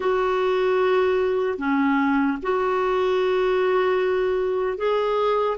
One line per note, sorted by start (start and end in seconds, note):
0.00 1.58 F#4
1.58 2.38 C#4
2.42 4.77 F#4
4.77 5.57 G#4